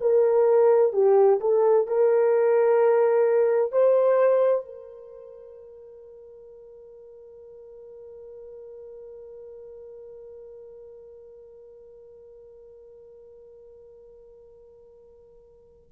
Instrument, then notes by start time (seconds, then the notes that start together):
horn
0.00 A#4
0.92 G4
1.40 A4
1.87 A#4
3.72 C5
4.64 A#4